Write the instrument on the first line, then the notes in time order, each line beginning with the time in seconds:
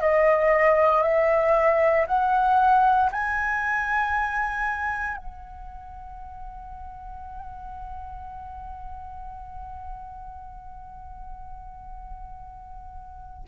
flute
0.00 D#5
1.02 E5
2.06 F#5
3.12 G#5
5.16 F#5